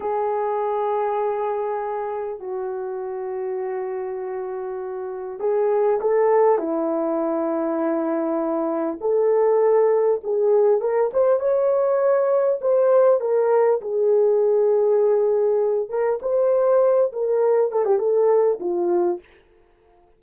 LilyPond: \new Staff \with { instrumentName = "horn" } { \time 4/4 \tempo 4 = 100 gis'1 | fis'1~ | fis'4 gis'4 a'4 e'4~ | e'2. a'4~ |
a'4 gis'4 ais'8 c''8 cis''4~ | cis''4 c''4 ais'4 gis'4~ | gis'2~ gis'8 ais'8 c''4~ | c''8 ais'4 a'16 g'16 a'4 f'4 | }